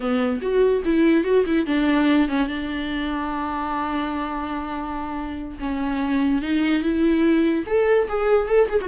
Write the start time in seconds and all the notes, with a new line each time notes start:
0.00 B3
0.41 F#4
0.85 E4
1.24 F#4
1.46 E4
1.66 D4
2.28 C#4
2.48 D4
5.59 C#4
6.42 D#4
6.82 E4
7.66 A4
8.08 G#4
8.48 A4
8.69 G#4
8.81 F#4